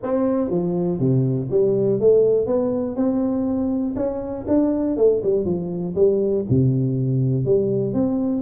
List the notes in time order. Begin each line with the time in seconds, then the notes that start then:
0.02 C4
0.50 F3
0.99 C3
1.50 G3
2.00 A3
2.46 B3
2.96 C4
3.96 C#4
4.47 D4
4.97 A3
5.23 G3
5.45 F3
5.95 G3
6.49 C3
7.45 G3
7.93 C4